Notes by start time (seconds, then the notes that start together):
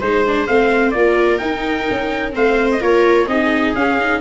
0.00 G#3 D#4 C5
0.26 D4
0.47 A3 C4 F5
0.91 A#3 F4 D5
0.98 A#4
1.38 D#4 G5
1.91 C#4
2.32 A3 C4 C5 F5
2.71 D#5
2.80 A#3 F4 A#4 C#5
3.27 C4 D#4 G#4 D#5
3.75 C#4 F5
4.00 D#4